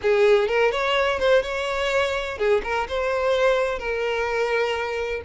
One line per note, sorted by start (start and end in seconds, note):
0.02 0.47 G#4
0.47 0.71 A#4
0.71 1.19 C#5
1.19 1.42 C5
1.42 2.37 C#5
2.37 2.61 G#4
2.63 2.87 A#4
2.88 3.78 C5
3.78 5.21 A#4